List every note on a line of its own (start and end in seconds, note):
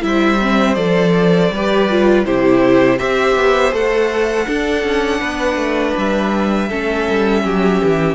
0.00 0.76 G3
0.00 0.37 E4
0.00 1.54 C5
0.00 0.74 E5
0.41 0.76 C4
0.74 1.50 F3
0.74 1.50 A4
0.74 2.22 D5
1.50 2.24 G3
1.50 1.90 G4
1.50 2.26 B4
1.90 2.25 F4
2.25 2.99 C3
2.25 2.98 E4
2.25 2.98 G4
2.25 2.98 C5
2.98 3.35 C4
2.98 3.72 G4
2.98 4.46 C5
2.98 3.72 E5
3.35 3.72 B3
3.72 4.46 A3
3.72 4.46 A4
3.72 5.96 F#5
4.46 6.68 D4
4.46 4.83 D4
4.46 5.20 A4
4.83 5.21 C#4
5.20 5.56 B3
5.20 6.68 B4
5.56 5.93 A3
5.97 6.71 G3
5.97 8.15 E5
6.69 7.08 A3
6.69 8.15 C#4
6.69 7.43 A4
7.09 7.44 G3
7.43 7.81 F#3
7.43 8.15 G4
7.83 8.15 E3